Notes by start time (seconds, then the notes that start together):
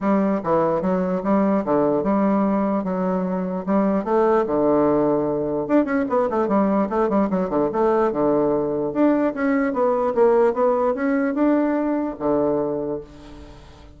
0.00 G3
0.43 E3
0.81 F#3
1.23 G3
1.64 D3
2.03 G3
2.84 F#3
3.66 G3
4.04 A3
4.46 D3
5.67 D4
5.84 C#4
6.09 B3
6.29 A3
6.48 G3
6.89 A3
7.09 G3
7.30 F#3
7.49 D3
7.72 A3
8.12 D3
8.93 D4
9.33 C#4
9.73 B3
10.14 A#3
10.53 B3
10.94 C#4
11.34 D4
12.19 D3